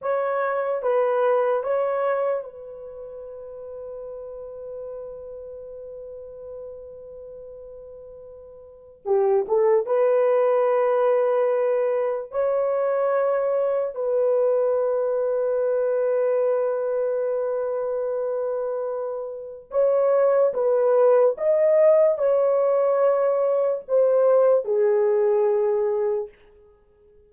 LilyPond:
\new Staff \with { instrumentName = "horn" } { \time 4/4 \tempo 4 = 73 cis''4 b'4 cis''4 b'4~ | b'1~ | b'2. g'8 a'8 | b'2. cis''4~ |
cis''4 b'2.~ | b'1 | cis''4 b'4 dis''4 cis''4~ | cis''4 c''4 gis'2 | }